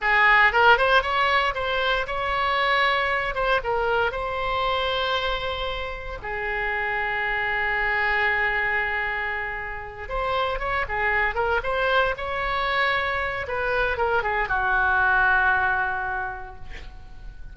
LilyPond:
\new Staff \with { instrumentName = "oboe" } { \time 4/4 \tempo 4 = 116 gis'4 ais'8 c''8 cis''4 c''4 | cis''2~ cis''8 c''8 ais'4 | c''1 | gis'1~ |
gis'2.~ gis'8 c''8~ | c''8 cis''8 gis'4 ais'8 c''4 cis''8~ | cis''2 b'4 ais'8 gis'8 | fis'1 | }